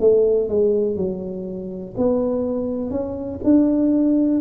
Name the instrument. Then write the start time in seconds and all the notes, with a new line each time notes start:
tuba
0.00 A3
0.49 G#3
0.96 F#3
1.97 B3
2.90 C#4
3.44 D4